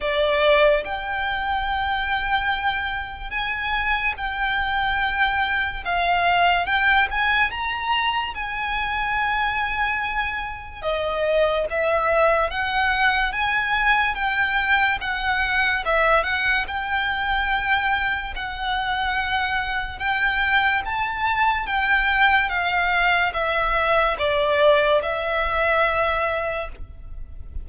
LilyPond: \new Staff \with { instrumentName = "violin" } { \time 4/4 \tempo 4 = 72 d''4 g''2. | gis''4 g''2 f''4 | g''8 gis''8 ais''4 gis''2~ | gis''4 dis''4 e''4 fis''4 |
gis''4 g''4 fis''4 e''8 fis''8 | g''2 fis''2 | g''4 a''4 g''4 f''4 | e''4 d''4 e''2 | }